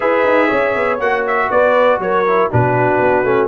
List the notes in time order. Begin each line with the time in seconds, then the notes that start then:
0.00 E4 G#4 B4 E5
0.23 D#4
0.47 C#4 C#5
0.75 B3
0.99 A#3 F#4 F#5
1.27 E5
1.50 B3 B4 D5
1.99 F#3 A#4 C#5
2.26 E4
2.50 B2 D4 F#4 B4
2.99 B3
3.23 A3 C#4